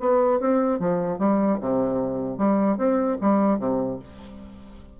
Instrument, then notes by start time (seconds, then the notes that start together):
bassoon
0.00 B3
0.40 C4
0.79 F3
1.19 G3
1.60 C3
2.38 G3
2.78 C4
3.21 G3
3.59 C3